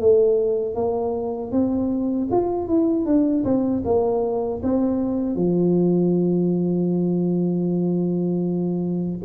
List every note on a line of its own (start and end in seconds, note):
0.00 0.75 A3
0.75 1.51 A#3
1.51 2.28 C4
2.31 2.67 F4
2.67 3.06 E4
3.06 3.44 D4
3.44 3.83 C4
3.85 4.62 A#3
4.63 5.35 C4
5.35 9.20 F3